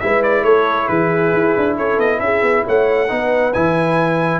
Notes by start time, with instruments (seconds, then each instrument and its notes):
0.00 tuba G#3, trombone E4, horn B4, trumpet E5
0.23 trumpet D5
0.43 tuba A3, horn A4, trumpet C#5
0.88 tuba E3, horn G#4, trumpet B4
1.33 tuba E4
1.57 tuba D4
1.77 tuba C#4, horn A4, trumpet C#5
1.98 tuba B3, trumpet D#5
2.20 tuba C#4, horn G#4, trumpet E5
2.42 tuba B3
2.65 tuba A3, horn C#5, trumpet F#5
3.08 tuba B3, trombone D#4, horn B4
3.53 tuba E3, trombone E4, trumpet G#5